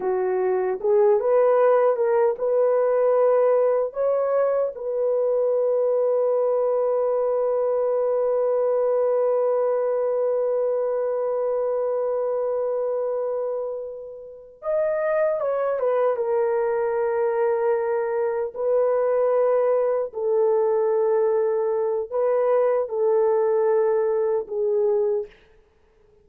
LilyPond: \new Staff \with { instrumentName = "horn" } { \time 4/4 \tempo 4 = 76 fis'4 gis'8 b'4 ais'8 b'4~ | b'4 cis''4 b'2~ | b'1~ | b'1~ |
b'2~ b'8 dis''4 cis''8 | b'8 ais'2. b'8~ | b'4. a'2~ a'8 | b'4 a'2 gis'4 | }